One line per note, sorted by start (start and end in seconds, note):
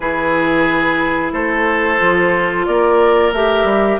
0.00 1.32 E3
0.00 1.98 E4
0.00 1.32 G#4
0.00 1.30 B4
1.32 1.99 A3
1.32 2.66 A4
1.32 2.65 C5
1.98 2.67 F3
1.98 3.32 F4
2.65 3.32 A#3
2.65 4.00 A#4
2.65 3.32 D5
3.32 3.63 A3
3.32 4.00 G4
3.32 4.00 E5
3.63 3.97 G3